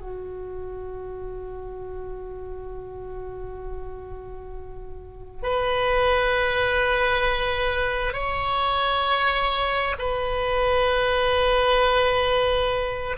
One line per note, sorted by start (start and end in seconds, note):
0.00 5.43 F#4
5.43 8.13 B4
8.13 9.95 C#5
9.98 13.16 B4